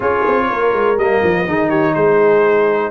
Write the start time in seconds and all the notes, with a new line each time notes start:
0.00 C#4 F4 G#4 C#5
0.27 C4
0.49 A#3 A#4
0.72 G#3
0.97 G3 A#3 D#5
1.23 F3
1.47 D#3 D#4 G#4
1.69 G4 C#5
1.94 G#3 G#4 C5